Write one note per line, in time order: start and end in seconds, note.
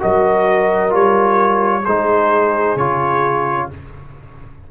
0.00 0.93 F#3
0.00 0.90 F#4
0.00 1.83 A#4
0.00 0.95 D#5
0.90 1.85 G3
0.90 1.82 F4
0.90 1.85 C#5
1.83 2.76 G#3
1.83 2.79 D#4
1.83 3.68 G#4
1.83 2.77 C5
2.76 3.68 C#3
2.76 3.71 F4
2.76 3.70 C#5